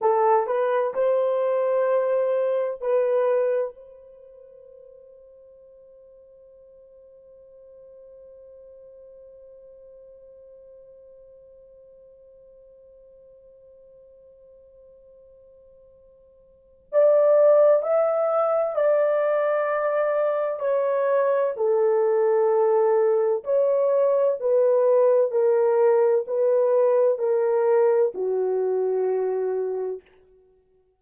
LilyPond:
\new Staff \with { instrumentName = "horn" } { \time 4/4 \tempo 4 = 64 a'8 b'8 c''2 b'4 | c''1~ | c''1~ | c''1~ |
c''2 d''4 e''4 | d''2 cis''4 a'4~ | a'4 cis''4 b'4 ais'4 | b'4 ais'4 fis'2 | }